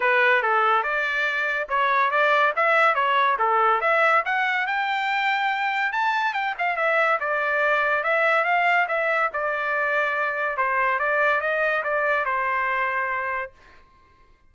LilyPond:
\new Staff \with { instrumentName = "trumpet" } { \time 4/4 \tempo 4 = 142 b'4 a'4 d''2 | cis''4 d''4 e''4 cis''4 | a'4 e''4 fis''4 g''4~ | g''2 a''4 g''8 f''8 |
e''4 d''2 e''4 | f''4 e''4 d''2~ | d''4 c''4 d''4 dis''4 | d''4 c''2. | }